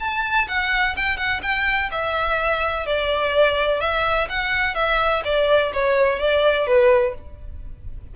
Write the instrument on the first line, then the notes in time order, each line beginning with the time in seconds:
violin
0.00 A5
0.48 F#5
0.96 G5
1.17 F#5
1.42 G5
1.91 E5
2.86 D5
3.81 E5
4.29 F#5
4.74 E5
5.24 D5
5.73 C#5
6.19 D5
6.67 B4